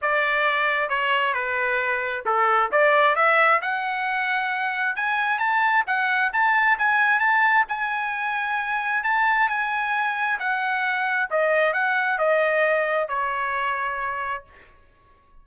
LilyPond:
\new Staff \with { instrumentName = "trumpet" } { \time 4/4 \tempo 4 = 133 d''2 cis''4 b'4~ | b'4 a'4 d''4 e''4 | fis''2. gis''4 | a''4 fis''4 a''4 gis''4 |
a''4 gis''2. | a''4 gis''2 fis''4~ | fis''4 dis''4 fis''4 dis''4~ | dis''4 cis''2. | }